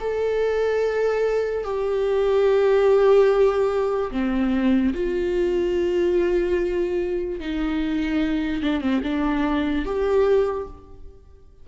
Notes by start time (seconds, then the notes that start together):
0.00 A4
1.64 G4
4.11 C4
4.94 F4
7.40 D#4
8.63 D4
8.81 C4
9.03 D4
9.85 G4